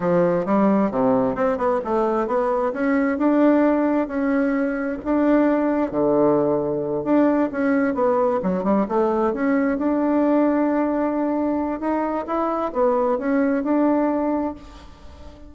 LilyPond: \new Staff \with { instrumentName = "bassoon" } { \time 4/4 \tempo 4 = 132 f4 g4 c4 c'8 b8 | a4 b4 cis'4 d'4~ | d'4 cis'2 d'4~ | d'4 d2~ d8 d'8~ |
d'8 cis'4 b4 fis8 g8 a8~ | a8 cis'4 d'2~ d'8~ | d'2 dis'4 e'4 | b4 cis'4 d'2 | }